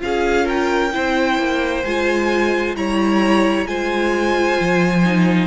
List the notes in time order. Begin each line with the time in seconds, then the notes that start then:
0.00 C#4 F4 G#4 F5
0.45 A#4 G5
0.92 C4 E4 C5
1.39 A#3
1.85 G#3 F4 G#5
2.75 G3 E4 C#5 A#5
3.66 G#3 F4 C5 G#5
4.61 F3
5.05 D#4